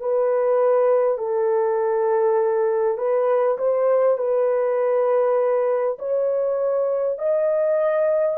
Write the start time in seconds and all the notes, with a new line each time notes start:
0.00 B4
1.18 A4
2.98 B4
3.58 C5
4.18 B4
5.99 C#5
7.18 D#5